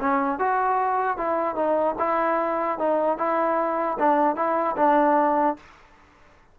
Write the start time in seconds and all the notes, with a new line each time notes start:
0.00 C#4
0.39 F#4
1.17 E4
1.55 D#4
1.98 E4
2.78 D#4
3.17 E4
3.99 D4
4.35 E4
4.76 D4